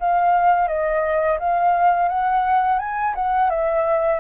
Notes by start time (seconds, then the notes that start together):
0.00 F5
0.68 D#5
1.39 F5
2.09 F#5
2.79 G#5
3.15 F#5
3.50 E5